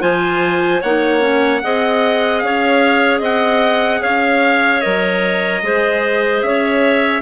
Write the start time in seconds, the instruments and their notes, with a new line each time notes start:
0.00 bassoon F3, clarinet F4 C5, trumpet G#5
0.81 bassoon A#3, clarinet D#4 C#5, trumpet F#5
1.20 clarinet C#4
1.63 bassoon C4, clarinet G#4 D#5
2.38 bassoon C#4, clarinet C#5, trumpet F5
3.20 bassoon C4, clarinet D#5, trumpet F#5
4.02 bassoon C#4, clarinet C#5, trumpet F5
4.81 bassoon F#3, clarinet A#4, trumpet D#5
5.62 bassoon G#3, clarinet G#4 C5
6.42 bassoon C#4, clarinet C#5, trumpet E5